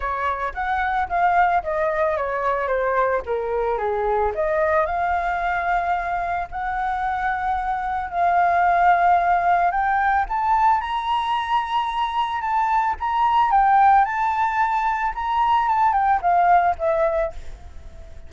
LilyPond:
\new Staff \with { instrumentName = "flute" } { \time 4/4 \tempo 4 = 111 cis''4 fis''4 f''4 dis''4 | cis''4 c''4 ais'4 gis'4 | dis''4 f''2. | fis''2. f''4~ |
f''2 g''4 a''4 | ais''2. a''4 | ais''4 g''4 a''2 | ais''4 a''8 g''8 f''4 e''4 | }